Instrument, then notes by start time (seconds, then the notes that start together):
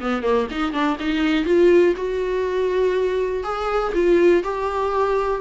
viola
0.00 B3
0.22 A#3
0.50 D#4
0.72 D4
0.99 D#4
1.45 F4
1.96 F#4
3.43 G#4
3.94 F4
4.43 G4